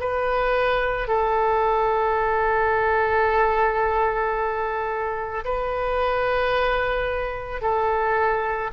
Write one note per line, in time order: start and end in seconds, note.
0.00 1.08 B4
1.08 5.44 A4
5.44 7.62 B4
7.62 8.71 A4